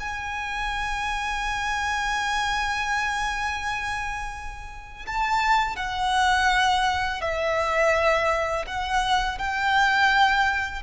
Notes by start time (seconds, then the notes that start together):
0.00 G#5
5.07 A5
5.77 F#5
7.21 E5
8.67 F#5
9.38 G5